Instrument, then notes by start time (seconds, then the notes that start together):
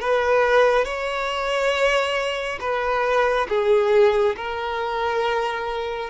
violin
0.00 B4
0.85 C#5
2.60 B4
3.48 G#4
4.36 A#4